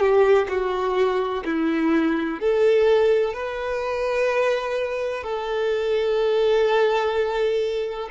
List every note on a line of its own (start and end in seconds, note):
0.00 0.48 G4
0.49 1.44 F#4
1.45 2.40 E4
2.40 3.33 A4
3.33 5.23 B4
5.23 8.09 A4